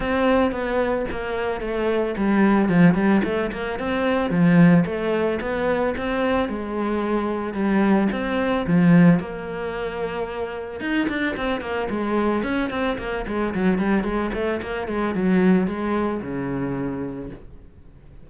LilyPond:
\new Staff \with { instrumentName = "cello" } { \time 4/4 \tempo 4 = 111 c'4 b4 ais4 a4 | g4 f8 g8 a8 ais8 c'4 | f4 a4 b4 c'4 | gis2 g4 c'4 |
f4 ais2. | dis'8 d'8 c'8 ais8 gis4 cis'8 c'8 | ais8 gis8 fis8 g8 gis8 a8 ais8 gis8 | fis4 gis4 cis2 | }